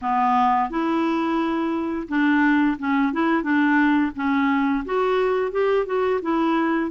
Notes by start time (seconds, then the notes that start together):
0.01 B3
0.70 E4
2.08 D4
2.78 C#4
3.12 E4
3.42 D4
4.15 C#4
4.85 F#4
5.51 G4
5.86 F#4
6.21 E4